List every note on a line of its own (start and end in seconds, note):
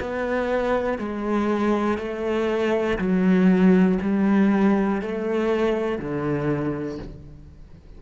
0.00 0.98 B3
0.98 1.98 G#3
1.98 2.98 A3
2.98 3.98 F#3
4.02 5.02 G3
5.02 5.98 A3
5.98 6.98 D3